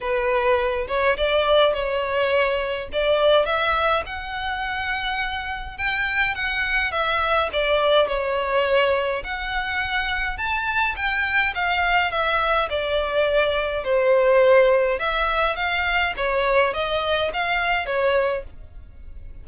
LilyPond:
\new Staff \with { instrumentName = "violin" } { \time 4/4 \tempo 4 = 104 b'4. cis''8 d''4 cis''4~ | cis''4 d''4 e''4 fis''4~ | fis''2 g''4 fis''4 | e''4 d''4 cis''2 |
fis''2 a''4 g''4 | f''4 e''4 d''2 | c''2 e''4 f''4 | cis''4 dis''4 f''4 cis''4 | }